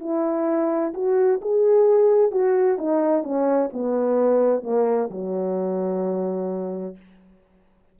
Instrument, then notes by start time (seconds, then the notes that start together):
horn
0.00 E4
0.94 F#4
1.41 G#4
2.31 F#4
2.78 D#4
3.23 C#4
3.73 B3
4.63 A#3
5.11 F#3